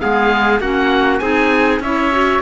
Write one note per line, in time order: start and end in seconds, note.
0.00 0.60 G#3
0.00 0.61 B3
0.00 0.61 G#4
0.00 0.61 F5
0.60 1.21 A#3
0.60 1.21 C#4
0.60 1.22 F#4
0.60 1.19 F#5
1.19 1.80 C4
1.19 1.82 D#4
1.19 1.82 G#4
1.19 1.79 G#5
1.80 2.40 C#4
1.80 2.12 E4
1.80 2.42 C#5
1.80 2.42 E5
2.12 2.42 F#4